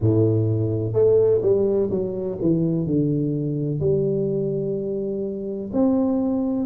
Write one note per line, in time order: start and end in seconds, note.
0.00 0.93 A2
0.93 1.40 A3
1.42 1.89 G3
1.90 2.38 F#3
2.41 2.86 E3
2.86 3.80 D3
3.80 5.70 G3
5.72 6.65 C4